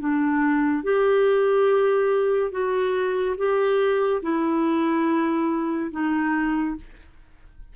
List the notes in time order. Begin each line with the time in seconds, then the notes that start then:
0.00 D4
0.84 G4
2.51 F#4
3.37 G4
4.22 E4
5.92 D#4